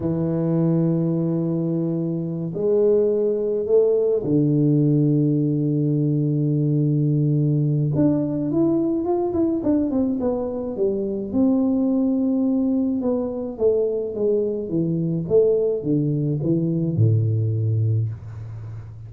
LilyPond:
\new Staff \with { instrumentName = "tuba" } { \time 4/4 \tempo 4 = 106 e1~ | e8 gis2 a4 d8~ | d1~ | d2 d'4 e'4 |
f'8 e'8 d'8 c'8 b4 g4 | c'2. b4 | a4 gis4 e4 a4 | d4 e4 a,2 | }